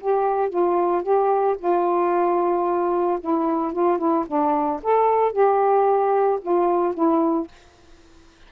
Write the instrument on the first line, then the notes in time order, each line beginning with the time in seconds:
saxophone
0.00 G4
0.49 F4
1.02 G4
1.58 F4
3.20 E4
3.73 F4
3.98 E4
4.27 D4
4.83 A4
5.32 G4
6.41 F4
6.94 E4